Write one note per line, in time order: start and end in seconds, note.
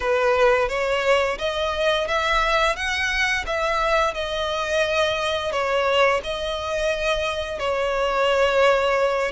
0.00 0.69 B4
0.69 1.38 C#5
1.38 2.07 D#5
2.07 2.76 E5
2.76 3.45 F#5
3.46 4.14 E5
4.14 5.51 D#5
5.51 6.20 C#5
6.23 7.59 D#5
7.59 9.31 C#5